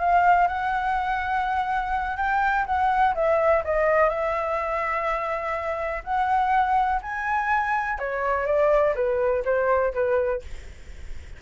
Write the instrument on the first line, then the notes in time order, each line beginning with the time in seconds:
flute
0.00 F5
0.48 F#5
2.17 G5
2.66 F#5
3.15 E5
3.65 D#5
4.10 E5
6.04 F#5
7.02 G#5
7.99 C#5
8.47 D5
8.96 B4
9.45 C5
9.94 B4